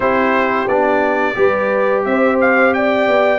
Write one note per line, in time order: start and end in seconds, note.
0.00 0.67 C4
0.00 0.67 E4
0.00 1.36 G4
0.00 0.67 C5
0.67 1.35 B3
0.67 1.34 D4
0.67 2.04 D5
1.34 2.05 G3
1.34 3.38 G4
1.34 2.06 B4
2.04 3.07 C4
2.04 2.75 C5
2.04 2.38 E5
2.40 2.73 F5
2.73 3.38 D5
2.73 3.38 G5
3.07 3.38 B3